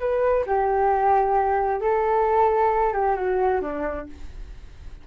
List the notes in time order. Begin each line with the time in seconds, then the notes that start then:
0.00 B4
0.47 G4
1.81 A4
2.94 G4
3.16 F#4
3.62 D4